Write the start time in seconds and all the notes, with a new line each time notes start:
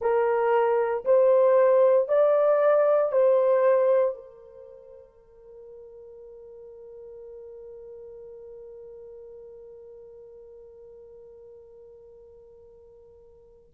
0.00 A#4
1.04 C5
2.08 D5
3.11 C5
4.14 A#4